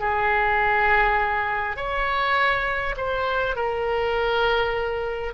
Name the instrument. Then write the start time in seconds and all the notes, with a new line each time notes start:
oboe
0.00 G#4
1.77 C#5
2.97 C5
3.56 A#4